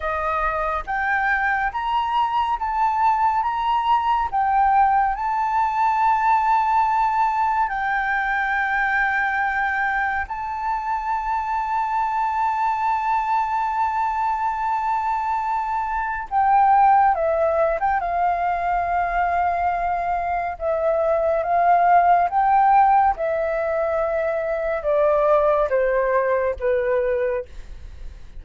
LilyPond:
\new Staff \with { instrumentName = "flute" } { \time 4/4 \tempo 4 = 70 dis''4 g''4 ais''4 a''4 | ais''4 g''4 a''2~ | a''4 g''2. | a''1~ |
a''2. g''4 | e''8. g''16 f''2. | e''4 f''4 g''4 e''4~ | e''4 d''4 c''4 b'4 | }